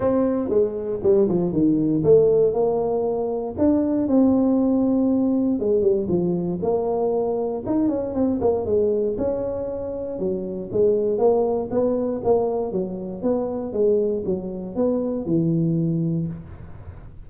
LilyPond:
\new Staff \with { instrumentName = "tuba" } { \time 4/4 \tempo 4 = 118 c'4 gis4 g8 f8 dis4 | a4 ais2 d'4 | c'2. gis8 g8 | f4 ais2 dis'8 cis'8 |
c'8 ais8 gis4 cis'2 | fis4 gis4 ais4 b4 | ais4 fis4 b4 gis4 | fis4 b4 e2 | }